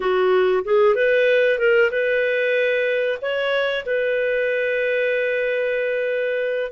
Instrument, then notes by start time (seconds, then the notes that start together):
clarinet
0.00 F#4
0.64 G#4
0.95 B4
1.58 A#4
1.91 B4
3.21 C#5
3.85 B4